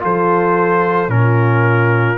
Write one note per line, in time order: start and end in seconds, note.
0.00 1.08 F3
0.00 1.08 F4
0.00 1.12 A4
0.00 1.10 C5
1.08 2.17 A#2
1.08 2.17 C#4
1.08 2.18 A#4
1.14 2.18 F4